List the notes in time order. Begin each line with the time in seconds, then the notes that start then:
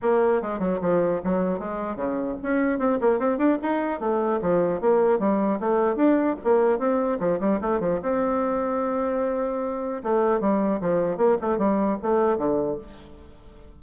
0.02 A#3
0.41 G#3
0.59 F#3
0.81 F3
1.23 F#3
1.59 G#3
1.96 C#3
2.42 C#4
2.78 C4
3.00 A#3
3.19 C4
3.37 D4
3.62 D#4
3.99 A3
4.41 F3
4.80 A#3
5.19 G3
5.60 A3
5.95 D4
6.43 A#3
6.78 C4
7.19 F3
7.39 G3
7.61 A3
7.80 F3
8.02 C4
10.03 A3
10.40 G3
10.80 F3
11.17 A#3
11.41 A3
11.58 G3
12.02 A3
12.37 D3